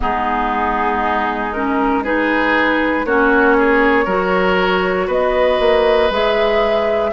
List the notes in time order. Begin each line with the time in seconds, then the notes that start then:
0.00 G#3 B3 D#4 G#4
1.52 C#4 A#4
2.03 D#4 G#4 B4
3.04 A#3 C#4 F#4 C#5
3.57 G#4
4.04 F#3 F#4 A#4
5.07 B3 B4 D#5
5.59 A#3
6.10 G#3 G#4 E5